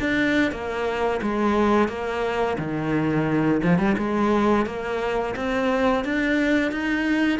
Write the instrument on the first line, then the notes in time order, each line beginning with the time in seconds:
cello
0.00 D4
0.51 A#3
1.22 G#3
1.88 A#3
2.58 D#3
3.62 F3
3.78 G3
3.98 G#3
4.66 A#3
5.36 C4
6.04 D4
6.71 D#4